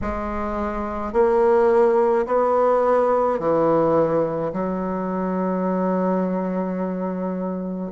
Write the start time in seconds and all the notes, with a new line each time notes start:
0.01 G#3
1.12 A#3
2.26 B3
3.39 E3
4.52 F#3